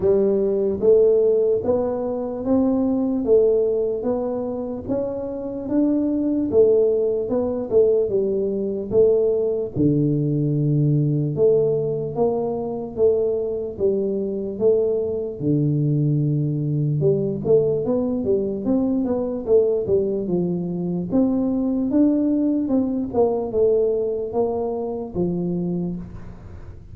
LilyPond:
\new Staff \with { instrumentName = "tuba" } { \time 4/4 \tempo 4 = 74 g4 a4 b4 c'4 | a4 b4 cis'4 d'4 | a4 b8 a8 g4 a4 | d2 a4 ais4 |
a4 g4 a4 d4~ | d4 g8 a8 b8 g8 c'8 b8 | a8 g8 f4 c'4 d'4 | c'8 ais8 a4 ais4 f4 | }